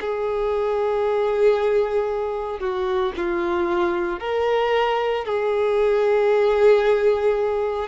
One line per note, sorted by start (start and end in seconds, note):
0.00 2.59 G#4
2.59 3.12 F#4
3.16 4.20 F4
4.20 5.24 A#4
5.24 7.88 G#4